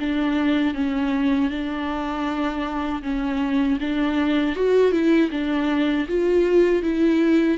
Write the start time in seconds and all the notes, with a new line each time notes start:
0.00 D4
0.75 C#4
1.51 D4
3.03 C#4
3.80 D4
4.56 F#4
4.92 E4
5.31 D4
6.08 F4
6.83 E4